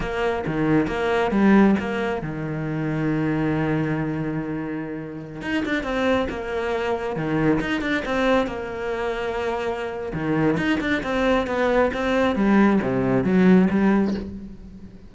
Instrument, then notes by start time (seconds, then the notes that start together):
cello
0.00 A#3
0.46 D#3
0.87 A#3
1.31 G3
1.79 A#3
2.22 D#3
5.41 D#4
5.65 D4
5.83 C4
6.29 A#3
7.16 D#3
7.60 D#4
7.81 D4
8.05 C4
8.47 A#3
10.13 D#3
10.57 D#4
10.80 D4
11.03 C4
11.46 B3
11.93 C4
12.35 G3
12.82 C3
13.24 F#3
13.70 G3